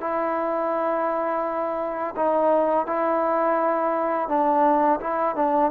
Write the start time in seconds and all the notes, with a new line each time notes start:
0.00 E4
2.16 D#4
2.86 E4
4.28 D4
5.00 E4
5.35 D4